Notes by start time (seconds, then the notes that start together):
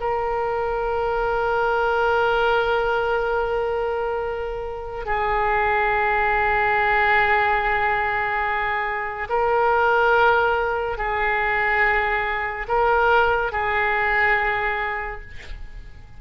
0.00 A#4
5.06 G#4
9.29 A#4
10.98 G#4
12.68 A#4
13.52 G#4